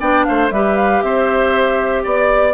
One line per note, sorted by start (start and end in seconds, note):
0.00 0.26 B3
0.00 0.51 D4
0.00 0.25 D5
0.00 0.24 G5
0.24 0.50 A3
0.24 0.53 C5
0.24 0.49 F5
0.50 1.01 G3
0.50 2.53 G4
0.50 1.04 B4
0.50 0.76 E5
0.76 1.02 F5
1.02 2.04 C4
1.02 2.03 C5
1.02 2.04 E5
2.03 2.53 B3
2.03 2.53 D5